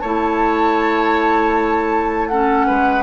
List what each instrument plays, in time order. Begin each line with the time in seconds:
0.00 bassoon A3, clarinet E4, oboe C#5, flute A5
2.28 clarinet C#4, oboe A4, flute F#5
2.66 bassoon G#3, oboe B4